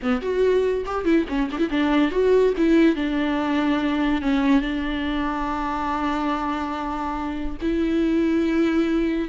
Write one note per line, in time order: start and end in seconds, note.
0.02 0.21 B3
0.21 0.85 F#4
0.85 1.04 G4
1.04 1.25 E4
1.28 1.49 C#4
1.51 1.58 D4
1.58 1.69 E4
1.70 2.11 D4
2.11 2.53 F#4
2.57 2.95 E4
2.95 4.21 D4
4.21 4.61 C#4
4.61 7.57 D4
7.61 9.28 E4